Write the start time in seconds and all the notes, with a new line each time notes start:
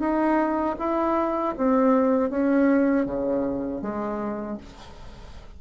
0.00 D#4
0.79 E4
1.58 C4
2.30 C#4
3.06 C#3
3.82 G#3